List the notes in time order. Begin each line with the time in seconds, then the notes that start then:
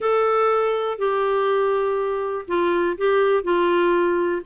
0.00 A4
0.98 G4
2.47 F4
2.97 G4
3.43 F4